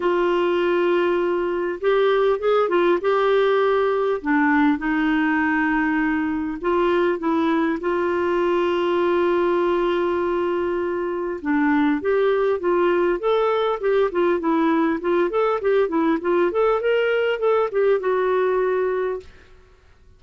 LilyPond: \new Staff \with { instrumentName = "clarinet" } { \time 4/4 \tempo 4 = 100 f'2. g'4 | gis'8 f'8 g'2 d'4 | dis'2. f'4 | e'4 f'2.~ |
f'2. d'4 | g'4 f'4 a'4 g'8 f'8 | e'4 f'8 a'8 g'8 e'8 f'8 a'8 | ais'4 a'8 g'8 fis'2 | }